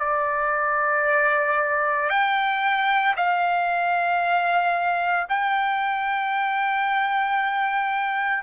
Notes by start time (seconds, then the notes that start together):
0.00 D5
2.10 G5
3.17 F5
5.29 G5